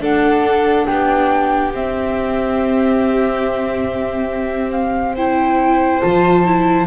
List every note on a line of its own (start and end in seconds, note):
0.00 0.86 D4
0.00 1.72 D4
0.00 0.87 A4
0.00 0.86 F#5
0.86 1.73 B3
0.86 5.15 G4
0.86 1.71 G5
1.73 5.16 C4
1.73 6.02 C4
1.73 4.71 E5
4.71 5.14 F5
5.15 6.01 E4
5.15 6.86 C5
5.15 6.00 G5
6.00 6.87 F3
6.00 6.44 F4
6.00 6.86 A5
6.44 6.87 E4